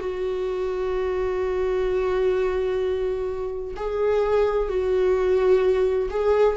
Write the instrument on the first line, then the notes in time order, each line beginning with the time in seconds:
viola
0.00 F#4
3.77 G#4
4.69 F#4
6.10 G#4